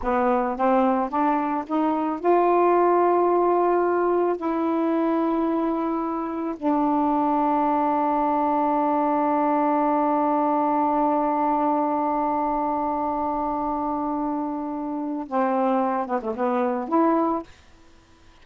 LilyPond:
\new Staff \with { instrumentName = "saxophone" } { \time 4/4 \tempo 4 = 110 b4 c'4 d'4 dis'4 | f'1 | e'1 | d'1~ |
d'1~ | d'1~ | d'1 | c'4. b16 a16 b4 e'4 | }